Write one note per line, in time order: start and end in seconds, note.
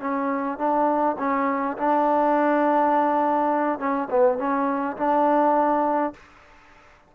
0.00 0.58 C#4
0.58 1.16 D4
1.18 1.77 C#4
1.77 3.79 D4
3.79 4.08 C#4
4.10 4.38 B3
4.38 4.96 C#4
4.97 6.13 D4